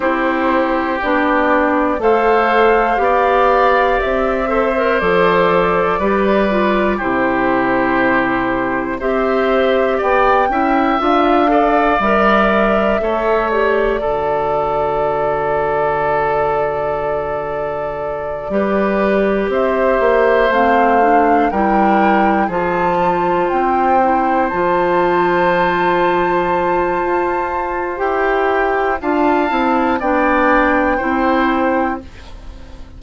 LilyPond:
<<
  \new Staff \with { instrumentName = "flute" } { \time 4/4 \tempo 4 = 60 c''4 d''4 f''2 | e''4 d''2 c''4~ | c''4 e''4 g''4 f''4 | e''4. d''2~ d''8~ |
d''2.~ d''8 e''8~ | e''8 f''4 g''4 a''4 g''8~ | g''8 a''2.~ a''8 | g''4 a''4 g''2 | }
  \new Staff \with { instrumentName = "oboe" } { \time 4/4 g'2 c''4 d''4~ | d''8 c''4. b'4 g'4~ | g'4 c''4 d''8 e''4 d''8~ | d''4 cis''4 a'2~ |
a'2~ a'8 b'4 c''8~ | c''4. ais'4 gis'8 c''4~ | c''1~ | c''4 f''4 d''4 c''4 | }
  \new Staff \with { instrumentName = "clarinet" } { \time 4/4 e'4 d'4 a'4 g'4~ | g'8 a'16 ais'16 a'4 g'8 f'8 e'4~ | e'4 g'4. e'8 f'8 a'8 | ais'4 a'8 g'8 fis'2~ |
fis'2~ fis'8 g'4.~ | g'8 c'8 d'8 e'4 f'4. | e'8 f'2.~ f'8 | g'4 f'8 e'8 d'4 e'4 | }
  \new Staff \with { instrumentName = "bassoon" } { \time 4/4 c'4 b4 a4 b4 | c'4 f4 g4 c4~ | c4 c'4 b8 cis'8 d'4 | g4 a4 d2~ |
d2~ d8 g4 c'8 | ais8 a4 g4 f4 c'8~ | c'8 f2~ f8 f'4 | e'4 d'8 c'8 b4 c'4 | }
>>